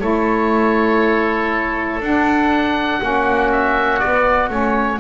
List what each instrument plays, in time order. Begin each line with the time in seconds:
0.00 double bass A3, saxophone E4, oboe A4 C#5
2.01 double bass D4, saxophone D4, oboe F#5
3.01 double bass A#3, saxophone C#4, oboe F#4
3.52 oboe E5
4.00 saxophone B3, double bass B3, oboe D5
4.50 double bass A3, saxophone C#4, oboe C#5